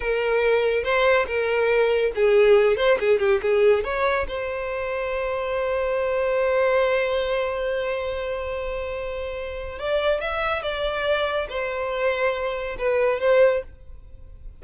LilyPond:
\new Staff \with { instrumentName = "violin" } { \time 4/4 \tempo 4 = 141 ais'2 c''4 ais'4~ | ais'4 gis'4. c''8 gis'8 g'8 | gis'4 cis''4 c''2~ | c''1~ |
c''1~ | c''2. d''4 | e''4 d''2 c''4~ | c''2 b'4 c''4 | }